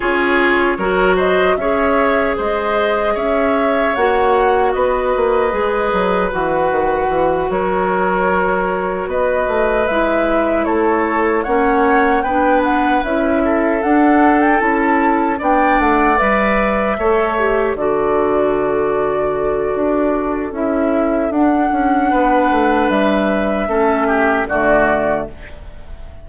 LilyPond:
<<
  \new Staff \with { instrumentName = "flute" } { \time 4/4 \tempo 4 = 76 cis''4. dis''8 e''4 dis''4 | e''4 fis''4 dis''2 | fis''4. cis''2 dis''8~ | dis''8 e''4 cis''4 fis''4 g''8 |
fis''8 e''4 fis''8. g''16 a''4 g''8 | fis''8 e''2 d''4.~ | d''2 e''4 fis''4~ | fis''4 e''2 d''4 | }
  \new Staff \with { instrumentName = "oboe" } { \time 4/4 gis'4 ais'8 c''8 cis''4 c''4 | cis''2 b'2~ | b'4. ais'2 b'8~ | b'4. a'4 cis''4 b'8~ |
b'4 a'2~ a'8 d''8~ | d''4. cis''4 a'4.~ | a'1 | b'2 a'8 g'8 fis'4 | }
  \new Staff \with { instrumentName = "clarinet" } { \time 4/4 f'4 fis'4 gis'2~ | gis'4 fis'2 gis'4 | fis'1~ | fis'8 e'2 cis'4 d'8~ |
d'8 e'4 d'4 e'4 d'8~ | d'8 b'4 a'8 g'8 fis'4.~ | fis'2 e'4 d'4~ | d'2 cis'4 a4 | }
  \new Staff \with { instrumentName = "bassoon" } { \time 4/4 cis'4 fis4 cis'4 gis4 | cis'4 ais4 b8 ais8 gis8 fis8 | e8 dis8 e8 fis2 b8 | a8 gis4 a4 ais4 b8~ |
b8 cis'4 d'4 cis'4 b8 | a8 g4 a4 d4.~ | d4 d'4 cis'4 d'8 cis'8 | b8 a8 g4 a4 d4 | }
>>